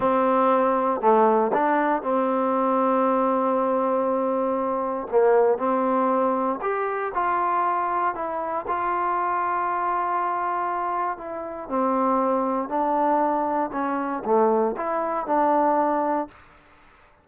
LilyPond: \new Staff \with { instrumentName = "trombone" } { \time 4/4 \tempo 4 = 118 c'2 a4 d'4 | c'1~ | c'2 ais4 c'4~ | c'4 g'4 f'2 |
e'4 f'2.~ | f'2 e'4 c'4~ | c'4 d'2 cis'4 | a4 e'4 d'2 | }